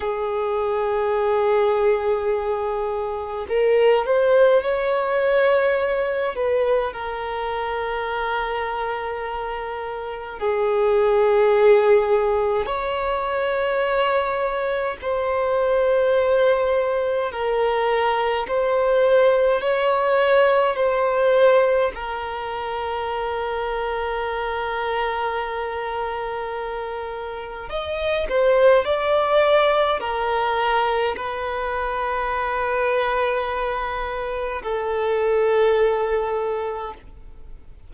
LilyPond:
\new Staff \with { instrumentName = "violin" } { \time 4/4 \tempo 4 = 52 gis'2. ais'8 c''8 | cis''4. b'8 ais'2~ | ais'4 gis'2 cis''4~ | cis''4 c''2 ais'4 |
c''4 cis''4 c''4 ais'4~ | ais'1 | dis''8 c''8 d''4 ais'4 b'4~ | b'2 a'2 | }